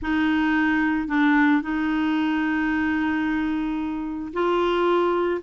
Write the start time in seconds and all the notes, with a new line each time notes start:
0.01 D#4
1.08 D4
1.62 D#4
4.33 F4